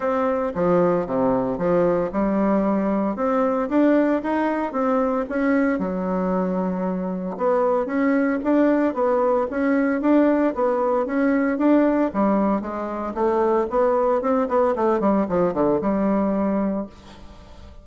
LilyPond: \new Staff \with { instrumentName = "bassoon" } { \time 4/4 \tempo 4 = 114 c'4 f4 c4 f4 | g2 c'4 d'4 | dis'4 c'4 cis'4 fis4~ | fis2 b4 cis'4 |
d'4 b4 cis'4 d'4 | b4 cis'4 d'4 g4 | gis4 a4 b4 c'8 b8 | a8 g8 f8 d8 g2 | }